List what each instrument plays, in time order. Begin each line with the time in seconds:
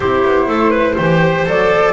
0.00 double bass C4, cello E4, clarinet G4, flute C5
0.24 double bass B3
0.47 double bass A3, clarinet A4
0.70 clarinet B4
0.96 double bass E3, cello G4, clarinet C5
1.46 double bass F#3, cello A4, flute D5